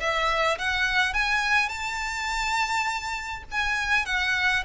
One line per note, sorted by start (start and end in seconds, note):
0.00 0.58 E5
0.58 1.14 F#5
1.14 1.69 G#5
1.69 3.44 A5
3.51 4.06 G#5
4.06 4.64 F#5